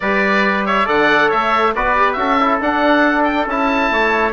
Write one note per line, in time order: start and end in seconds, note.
0.00 0.87 G3
0.00 0.85 G4
0.00 0.66 B4
0.00 0.64 D5
0.66 0.86 C#5
0.66 0.87 E5
0.85 1.30 D3
0.85 1.72 A4
0.85 1.28 D5
0.85 1.30 F#5
1.28 1.75 A3
1.28 1.72 C#5
1.28 1.74 E5
1.75 2.16 B3
1.75 1.96 F#4
1.75 2.19 B4
1.75 2.12 D5
1.96 2.17 G4
2.12 2.59 C#4
2.12 2.39 F#4
2.12 2.56 E5
2.19 3.92 A4
2.40 2.61 E4
2.61 3.48 D4
2.61 3.46 D4
2.61 3.23 F#5
3.23 3.45 G5
3.46 3.90 C#4
3.46 4.33 E4
3.46 4.33 A5
3.90 4.33 A3
3.90 4.33 C#5